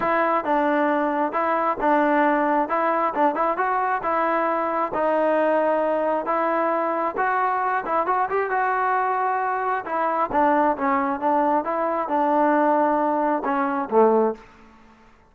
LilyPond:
\new Staff \with { instrumentName = "trombone" } { \time 4/4 \tempo 4 = 134 e'4 d'2 e'4 | d'2 e'4 d'8 e'8 | fis'4 e'2 dis'4~ | dis'2 e'2 |
fis'4. e'8 fis'8 g'8 fis'4~ | fis'2 e'4 d'4 | cis'4 d'4 e'4 d'4~ | d'2 cis'4 a4 | }